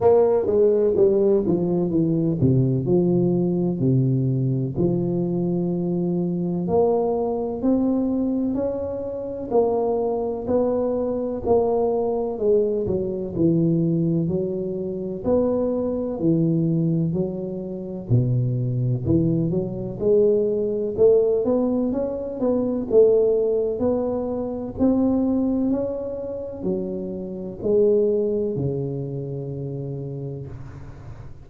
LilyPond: \new Staff \with { instrumentName = "tuba" } { \time 4/4 \tempo 4 = 63 ais8 gis8 g8 f8 e8 c8 f4 | c4 f2 ais4 | c'4 cis'4 ais4 b4 | ais4 gis8 fis8 e4 fis4 |
b4 e4 fis4 b,4 | e8 fis8 gis4 a8 b8 cis'8 b8 | a4 b4 c'4 cis'4 | fis4 gis4 cis2 | }